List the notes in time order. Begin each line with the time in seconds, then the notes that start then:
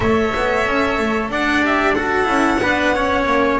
0.00 A3 A4 C#5 E5
0.34 B3
0.67 C#4
0.98 A3
1.29 D4 D5 F#5
1.61 G4 E5
1.94 F#4 A4 F#5
2.24 C#4 E4
2.62 B3 D4 B4
2.94 C#4 C#5
3.26 A#3